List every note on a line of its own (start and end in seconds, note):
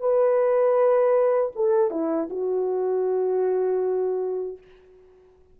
0.00 1.52 B4
1.56 1.91 A4
1.91 2.29 E4
2.30 4.58 F#4